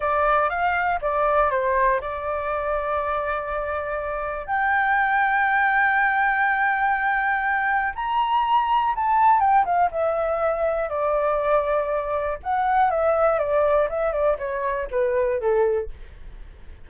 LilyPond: \new Staff \with { instrumentName = "flute" } { \time 4/4 \tempo 4 = 121 d''4 f''4 d''4 c''4 | d''1~ | d''4 g''2.~ | g''1 |
ais''2 a''4 g''8 f''8 | e''2 d''2~ | d''4 fis''4 e''4 d''4 | e''8 d''8 cis''4 b'4 a'4 | }